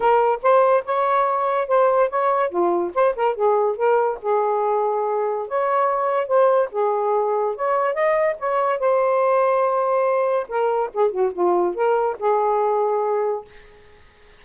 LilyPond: \new Staff \with { instrumentName = "saxophone" } { \time 4/4 \tempo 4 = 143 ais'4 c''4 cis''2 | c''4 cis''4 f'4 c''8 ais'8 | gis'4 ais'4 gis'2~ | gis'4 cis''2 c''4 |
gis'2 cis''4 dis''4 | cis''4 c''2.~ | c''4 ais'4 gis'8 fis'8 f'4 | ais'4 gis'2. | }